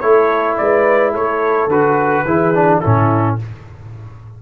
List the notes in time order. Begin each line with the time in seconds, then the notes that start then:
0.00 A3 E4 A4 C#5
0.57 G#3 B4 D5
1.12 A3 A4 C#5
1.68 D3 F#4 B4
2.25 E3 E4 G#4
2.55 D4
2.80 A2 C#4 E4 A4